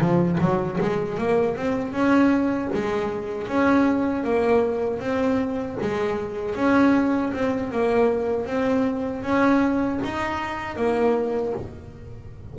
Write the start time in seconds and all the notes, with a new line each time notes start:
0.00 F3
0.40 F#3
0.80 G#3
1.17 A#3
1.56 C4
1.92 C#4
2.73 G#3
3.47 C#4
4.23 A#3
4.99 C4
5.81 G#3
6.55 C#4
7.33 C4
7.71 A#3
8.45 C4
9.22 C#4
10.04 D#4
10.76 A#3